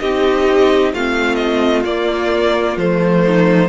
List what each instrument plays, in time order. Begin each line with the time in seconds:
0.00 cello C4, viola D#4, violin G4 D#5
0.93 cello A3, viola C4, violin F4 F5
1.36 violin D#5
1.85 cello A#3, viola A#3, violin D5
2.77 cello F3, viola A3, violin C5
3.26 violin D#4